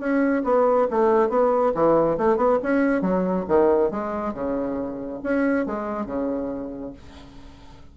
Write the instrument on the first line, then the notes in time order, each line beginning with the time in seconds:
bassoon
0.00 C#4
0.45 B3
0.91 A3
1.30 B3
1.75 E3
2.18 A3
2.37 B3
2.63 C#4
3.02 F#3
3.49 D#3
3.91 G#3
4.34 C#3
5.24 C#4
5.67 G#3
6.07 C#3